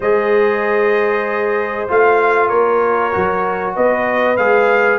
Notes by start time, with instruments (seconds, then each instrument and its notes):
0.00 tuba G#3, trombone G#4, horn C5, trumpet D#5
1.88 tuba A3, trombone F4, trumpet F5
2.48 tuba A#3, horn A#4, trumpet C#5
3.11 tuba F#3, trombone F#4
3.75 tuba B3, horn B4, trumpet D#5
4.36 tuba G#3, trombone G#4, trumpet F5